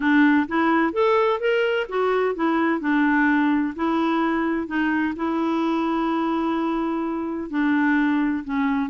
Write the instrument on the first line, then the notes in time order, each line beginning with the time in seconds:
clarinet
0.00 D4
0.48 E4
0.93 A4
1.40 A#4
1.88 F#4
2.35 E4
2.80 D4
3.75 E4
4.67 D#4
5.16 E4
7.50 D4
8.44 C#4